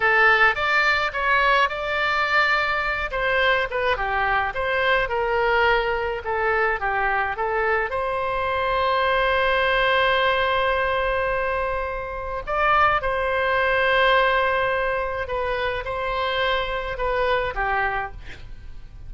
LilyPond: \new Staff \with { instrumentName = "oboe" } { \time 4/4 \tempo 4 = 106 a'4 d''4 cis''4 d''4~ | d''4. c''4 b'8 g'4 | c''4 ais'2 a'4 | g'4 a'4 c''2~ |
c''1~ | c''2 d''4 c''4~ | c''2. b'4 | c''2 b'4 g'4 | }